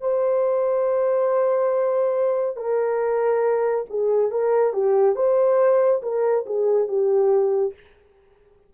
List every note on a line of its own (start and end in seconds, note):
0.00 2.56 C5
2.56 3.85 A#4
3.89 4.31 G#4
4.31 4.73 A#4
4.73 5.15 G4
5.15 6.01 C5
6.02 6.45 A#4
6.46 6.88 G#4
6.88 7.73 G4